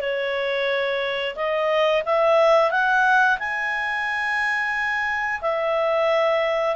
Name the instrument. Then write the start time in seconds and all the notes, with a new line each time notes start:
clarinet
0.00 C#5
1.35 D#5
2.05 E5
2.71 F#5
3.38 G#5
5.41 E5